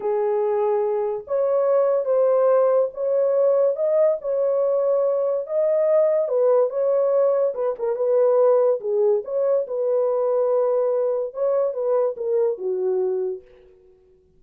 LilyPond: \new Staff \with { instrumentName = "horn" } { \time 4/4 \tempo 4 = 143 gis'2. cis''4~ | cis''4 c''2 cis''4~ | cis''4 dis''4 cis''2~ | cis''4 dis''2 b'4 |
cis''2 b'8 ais'8 b'4~ | b'4 gis'4 cis''4 b'4~ | b'2. cis''4 | b'4 ais'4 fis'2 | }